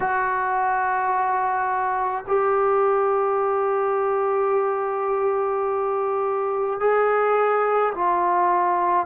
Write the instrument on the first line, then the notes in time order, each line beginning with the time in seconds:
trombone
0.00 F#4
2.27 G4
6.80 G#4
7.94 F4